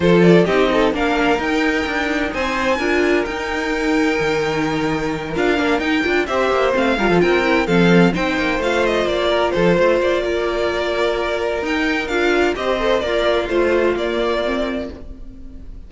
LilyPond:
<<
  \new Staff \with { instrumentName = "violin" } { \time 4/4 \tempo 4 = 129 c''8 d''8 dis''4 f''4 g''4~ | g''4 gis''2 g''4~ | g''2.~ g''8 f''8~ | f''8 g''4 e''4 f''4 g''8~ |
g''8 f''4 g''4 f''8 dis''8 d''8~ | d''8 c''4 d''2~ d''8~ | d''4 g''4 f''4 dis''4 | d''4 c''4 d''2 | }
  \new Staff \with { instrumentName = "violin" } { \time 4/4 a'4 g'8 a'8 ais'2~ | ais'4 c''4 ais'2~ | ais'1~ | ais'4. c''4. ais'16 a'16 ais'8~ |
ais'8 a'4 c''2~ c''8 | ais'8 a'8 c''4 ais'2~ | ais'2. c''4 | f'1 | }
  \new Staff \with { instrumentName = "viola" } { \time 4/4 f'4 dis'4 d'4 dis'4~ | dis'2 f'4 dis'4~ | dis'2.~ dis'8 f'8 | d'8 dis'8 f'8 g'4 c'8 f'4 |
e'8 c'4 dis'4 f'4.~ | f'1~ | f'4 dis'4 f'4 g'8 a'8 | ais'4 f'4 ais4 c'4 | }
  \new Staff \with { instrumentName = "cello" } { \time 4/4 f4 c'4 ais4 dis'4 | d'4 c'4 d'4 dis'4~ | dis'4 dis2~ dis8 d'8 | ais8 dis'8 d'8 c'8 ais8 a8 g16 f16 c'8~ |
c'8 f4 c'8 ais8 a4 ais8~ | ais8 f8 a8 ais2~ ais8~ | ais4 dis'4 d'4 c'4 | ais4 a4 ais2 | }
>>